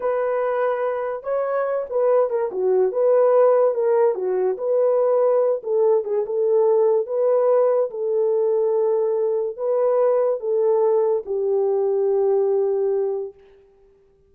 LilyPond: \new Staff \with { instrumentName = "horn" } { \time 4/4 \tempo 4 = 144 b'2. cis''4~ | cis''8 b'4 ais'8 fis'4 b'4~ | b'4 ais'4 fis'4 b'4~ | b'4. a'4 gis'8 a'4~ |
a'4 b'2 a'4~ | a'2. b'4~ | b'4 a'2 g'4~ | g'1 | }